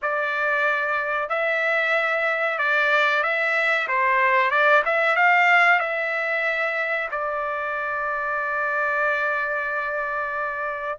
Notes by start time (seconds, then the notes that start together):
0.02 D5
1.29 E5
2.58 D5
3.23 E5
3.87 C5
4.50 D5
4.85 E5
5.16 F5
5.79 E5
7.11 D5